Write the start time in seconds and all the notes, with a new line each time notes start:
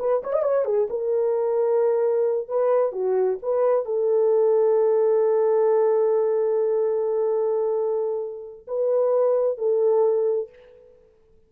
0.00 B4
0.24 C#5
0.33 D#5
0.43 C#5
0.65 G#4
0.90 A#4
2.49 B4
2.93 F#4
3.43 B4
3.86 A4
8.68 B4
9.59 A4